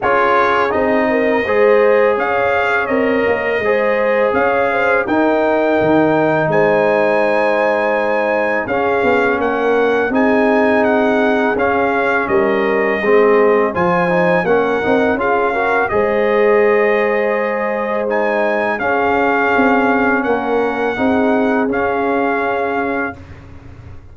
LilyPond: <<
  \new Staff \with { instrumentName = "trumpet" } { \time 4/4 \tempo 4 = 83 cis''4 dis''2 f''4 | dis''2 f''4 g''4~ | g''4 gis''2. | f''4 fis''4 gis''4 fis''4 |
f''4 dis''2 gis''4 | fis''4 f''4 dis''2~ | dis''4 gis''4 f''2 | fis''2 f''2 | }
  \new Staff \with { instrumentName = "horn" } { \time 4/4 gis'4. ais'8 c''4 cis''4~ | cis''4 c''4 cis''8 c''8 ais'4~ | ais'4 c''2. | gis'4 ais'4 gis'2~ |
gis'4 ais'4 gis'4 c''4 | ais'4 gis'8 ais'8 c''2~ | c''2 gis'2 | ais'4 gis'2. | }
  \new Staff \with { instrumentName = "trombone" } { \time 4/4 f'4 dis'4 gis'2 | ais'4 gis'2 dis'4~ | dis'1 | cis'2 dis'2 |
cis'2 c'4 f'8 dis'8 | cis'8 dis'8 f'8 fis'8 gis'2~ | gis'4 dis'4 cis'2~ | cis'4 dis'4 cis'2 | }
  \new Staff \with { instrumentName = "tuba" } { \time 4/4 cis'4 c'4 gis4 cis'4 | c'8 ais8 gis4 cis'4 dis'4 | dis4 gis2. | cis'8 b8 ais4 c'2 |
cis'4 g4 gis4 f4 | ais8 c'8 cis'4 gis2~ | gis2 cis'4 c'4 | ais4 c'4 cis'2 | }
>>